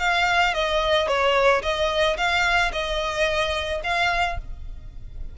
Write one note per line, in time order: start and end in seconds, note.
0.00 0.55 F5
0.55 1.08 D#5
1.08 1.62 C#5
1.63 2.17 D#5
2.18 2.72 F5
2.73 3.82 D#5
3.84 4.39 F5